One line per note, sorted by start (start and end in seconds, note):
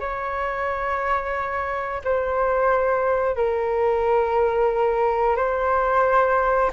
0.00 2.02 C#5
2.04 3.36 C5
3.36 5.36 A#4
5.36 6.71 C5